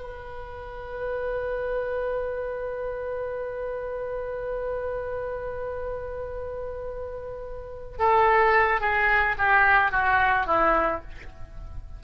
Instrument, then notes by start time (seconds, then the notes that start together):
oboe
0.00 B4
7.98 A4
8.80 G#4
9.38 G4
9.92 F#4
10.46 E4